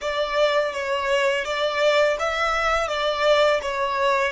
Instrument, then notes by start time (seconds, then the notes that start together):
violin
0.01 D5
0.73 C#5
1.45 D5
2.19 E5
2.88 D5
3.61 C#5